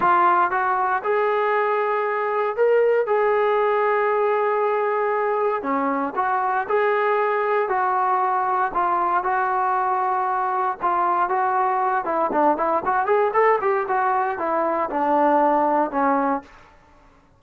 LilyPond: \new Staff \with { instrumentName = "trombone" } { \time 4/4 \tempo 4 = 117 f'4 fis'4 gis'2~ | gis'4 ais'4 gis'2~ | gis'2. cis'4 | fis'4 gis'2 fis'4~ |
fis'4 f'4 fis'2~ | fis'4 f'4 fis'4. e'8 | d'8 e'8 fis'8 gis'8 a'8 g'8 fis'4 | e'4 d'2 cis'4 | }